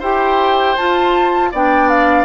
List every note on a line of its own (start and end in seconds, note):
0.00 0.76 E4
0.00 0.78 G4
0.00 1.50 C5
0.00 0.77 G5
0.77 1.53 F4
0.77 1.52 A5
1.52 2.25 B3
1.52 2.25 D4
1.52 2.25 D5
1.52 1.89 G5
1.89 2.25 F5